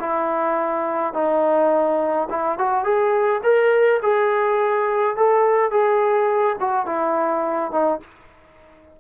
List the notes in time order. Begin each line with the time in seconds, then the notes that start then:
0.00 E4
1.14 D#4
2.30 E4
2.58 F#4
2.84 G#4
3.43 A#4
4.03 G#4
5.16 A4
5.71 G#4
6.60 F#4
6.86 E4
7.72 D#4